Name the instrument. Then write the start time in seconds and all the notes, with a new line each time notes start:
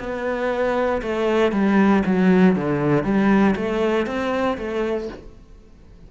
cello
0.00 B3
1.02 A3
1.53 G3
2.06 F#3
2.56 D3
3.04 G3
3.56 A3
4.07 C4
4.58 A3